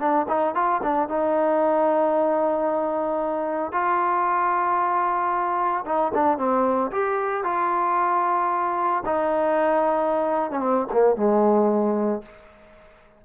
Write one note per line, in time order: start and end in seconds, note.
0.00 0.27 D4
0.28 0.55 D#4
0.55 0.82 F4
0.83 1.09 D4
1.09 3.73 D#4
3.73 5.85 F4
5.86 6.12 D#4
6.15 6.38 D4
6.38 6.91 C4
6.92 7.44 G4
7.44 9.04 F4
9.06 10.52 D#4
10.52 10.60 C#4
10.60 10.87 C4
10.93 11.17 A#3
11.17 12.23 G#3